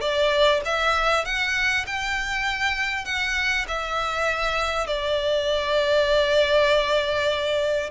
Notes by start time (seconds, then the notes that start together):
0.00 D5
0.65 E5
1.25 F#5
1.86 G5
3.05 F#5
3.67 E5
4.87 D5